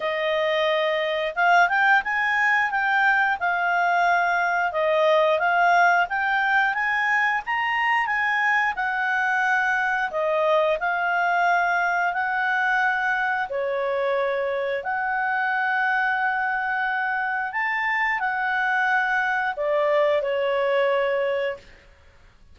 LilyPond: \new Staff \with { instrumentName = "clarinet" } { \time 4/4 \tempo 4 = 89 dis''2 f''8 g''8 gis''4 | g''4 f''2 dis''4 | f''4 g''4 gis''4 ais''4 | gis''4 fis''2 dis''4 |
f''2 fis''2 | cis''2 fis''2~ | fis''2 a''4 fis''4~ | fis''4 d''4 cis''2 | }